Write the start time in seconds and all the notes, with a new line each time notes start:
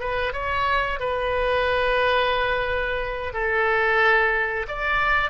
0.00 B4
0.32 C#5
0.99 B4
3.33 A4
4.68 D5